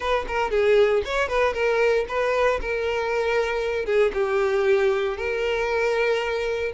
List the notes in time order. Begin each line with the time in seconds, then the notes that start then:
0.00 B4
0.27 A#4
0.51 G#4
1.04 C#5
1.28 B4
1.53 A#4
2.08 B4
2.61 A#4
3.85 G#4
4.13 G4
5.17 A#4